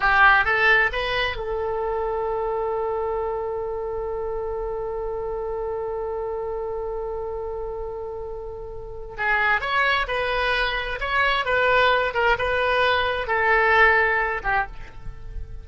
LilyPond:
\new Staff \with { instrumentName = "oboe" } { \time 4/4 \tempo 4 = 131 g'4 a'4 b'4 a'4~ | a'1~ | a'1~ | a'1~ |
a'1 | gis'4 cis''4 b'2 | cis''4 b'4. ais'8 b'4~ | b'4 a'2~ a'8 g'8 | }